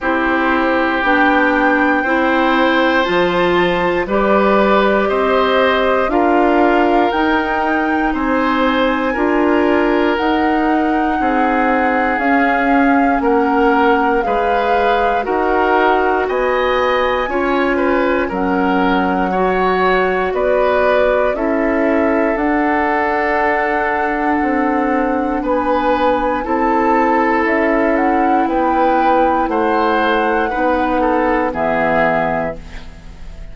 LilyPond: <<
  \new Staff \with { instrumentName = "flute" } { \time 4/4 \tempo 4 = 59 c''4 g''2 a''4 | d''4 dis''4 f''4 g''4 | gis''2 fis''2 | f''4 fis''4 f''4 fis''4 |
gis''2 fis''2 | d''4 e''4 fis''2~ | fis''4 gis''4 a''4 e''8 fis''8 | g''4 fis''2 e''4 | }
  \new Staff \with { instrumentName = "oboe" } { \time 4/4 g'2 c''2 | b'4 c''4 ais'2 | c''4 ais'2 gis'4~ | gis'4 ais'4 b'4 ais'4 |
dis''4 cis''8 b'8 ais'4 cis''4 | b'4 a'2.~ | a'4 b'4 a'2 | b'4 c''4 b'8 a'8 gis'4 | }
  \new Staff \with { instrumentName = "clarinet" } { \time 4/4 e'4 d'4 e'4 f'4 | g'2 f'4 dis'4~ | dis'4 f'4 dis'2 | cis'2 gis'4 fis'4~ |
fis'4 f'4 cis'4 fis'4~ | fis'4 e'4 d'2~ | d'2 e'2~ | e'2 dis'4 b4 | }
  \new Staff \with { instrumentName = "bassoon" } { \time 4/4 c'4 b4 c'4 f4 | g4 c'4 d'4 dis'4 | c'4 d'4 dis'4 c'4 | cis'4 ais4 gis4 dis'4 |
b4 cis'4 fis2 | b4 cis'4 d'2 | c'4 b4 c'4 cis'4 | b4 a4 b4 e4 | }
>>